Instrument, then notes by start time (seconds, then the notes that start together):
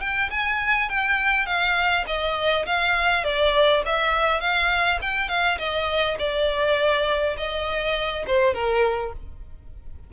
violin
0.00 G5
0.30 G#5
0.89 G5
1.46 F5
2.06 D#5
2.66 F5
3.24 D5
3.85 E5
4.40 F5
5.01 G5
5.29 F5
5.58 D#5
6.19 D5
7.37 D#5
8.26 C5
8.54 A#4